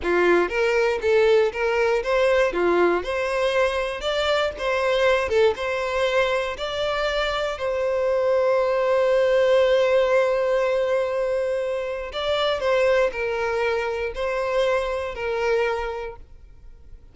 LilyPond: \new Staff \with { instrumentName = "violin" } { \time 4/4 \tempo 4 = 119 f'4 ais'4 a'4 ais'4 | c''4 f'4 c''2 | d''4 c''4. a'8 c''4~ | c''4 d''2 c''4~ |
c''1~ | c''1 | d''4 c''4 ais'2 | c''2 ais'2 | }